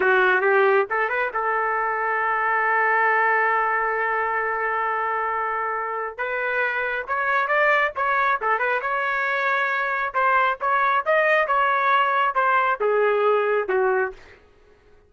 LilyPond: \new Staff \with { instrumentName = "trumpet" } { \time 4/4 \tempo 4 = 136 fis'4 g'4 a'8 b'8 a'4~ | a'1~ | a'1~ | a'2 b'2 |
cis''4 d''4 cis''4 a'8 b'8 | cis''2. c''4 | cis''4 dis''4 cis''2 | c''4 gis'2 fis'4 | }